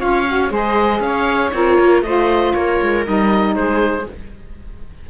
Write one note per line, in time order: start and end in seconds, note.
0.00 0.50 C#4
0.00 0.25 F4
0.00 0.51 C#5
0.00 0.51 F5
0.27 0.49 F#4
0.49 1.00 G#3
0.49 1.51 G#4
0.49 1.02 C5
0.56 1.02 D#5
1.00 1.51 C#4
1.00 1.51 F5
1.06 1.55 C#5
1.51 1.78 C4
1.51 2.06 F4
1.51 2.05 A#4
1.51 2.02 C#5
1.78 2.02 A#3
2.02 2.53 A3
2.02 3.05 F4
2.02 2.54 C5
2.02 2.54 D#5
2.54 2.81 A#3
2.54 3.56 A#4
2.54 3.05 C#5
2.82 3.07 G#3
3.05 3.55 G3
3.05 4.07 D#4
3.05 3.56 D#5
3.55 4.06 G#3
3.55 4.10 G#4
3.55 4.06 C5